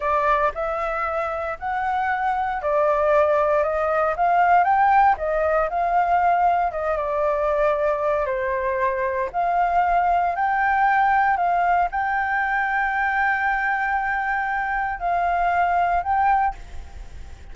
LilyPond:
\new Staff \with { instrumentName = "flute" } { \time 4/4 \tempo 4 = 116 d''4 e''2 fis''4~ | fis''4 d''2 dis''4 | f''4 g''4 dis''4 f''4~ | f''4 dis''8 d''2~ d''8 |
c''2 f''2 | g''2 f''4 g''4~ | g''1~ | g''4 f''2 g''4 | }